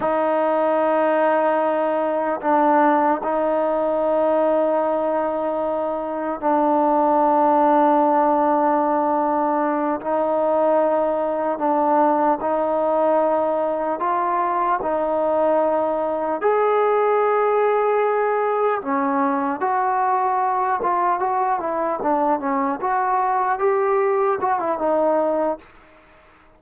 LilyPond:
\new Staff \with { instrumentName = "trombone" } { \time 4/4 \tempo 4 = 75 dis'2. d'4 | dis'1 | d'1~ | d'8 dis'2 d'4 dis'8~ |
dis'4. f'4 dis'4.~ | dis'8 gis'2. cis'8~ | cis'8 fis'4. f'8 fis'8 e'8 d'8 | cis'8 fis'4 g'4 fis'16 e'16 dis'4 | }